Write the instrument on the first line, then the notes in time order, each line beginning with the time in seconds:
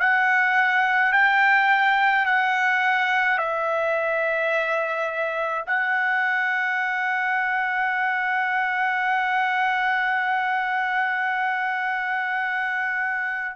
trumpet
0.00 F#5
1.13 G5
2.25 F#5
3.38 E5
5.67 F#5